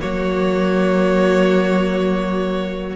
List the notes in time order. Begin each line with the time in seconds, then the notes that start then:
0.00 F#3 A#3 F#4 C#5